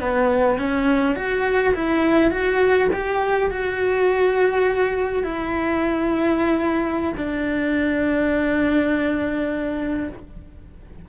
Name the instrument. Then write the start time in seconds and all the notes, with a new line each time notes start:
cello
0.00 B3
0.58 C#4
1.15 F#4
1.75 E4
2.31 F#4
2.93 G4
3.50 F#4
5.23 E4
7.17 D4